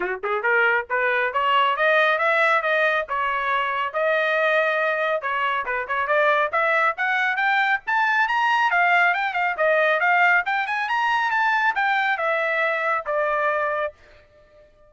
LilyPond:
\new Staff \with { instrumentName = "trumpet" } { \time 4/4 \tempo 4 = 138 fis'8 gis'8 ais'4 b'4 cis''4 | dis''4 e''4 dis''4 cis''4~ | cis''4 dis''2. | cis''4 b'8 cis''8 d''4 e''4 |
fis''4 g''4 a''4 ais''4 | f''4 g''8 f''8 dis''4 f''4 | g''8 gis''8 ais''4 a''4 g''4 | e''2 d''2 | }